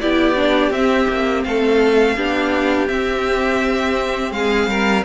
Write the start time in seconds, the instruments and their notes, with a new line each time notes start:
0.00 cello B3, viola E4, violin G4 D5
0.35 viola D4
0.70 cello C4, viola C4, violin E5
1.08 cello A#3
1.43 cello A3, violin A4 F5
2.16 cello B3, viola D4, violin G4
2.87 viola C4, cello C4, violin E5
4.31 cello G#3, violin G#4 F5
4.67 cello G3, violin A#4